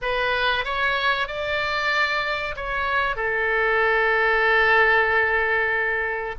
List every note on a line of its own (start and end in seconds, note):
0.01 0.64 B4
0.64 1.27 C#5
1.27 2.55 D5
2.55 3.16 C#5
3.16 6.35 A4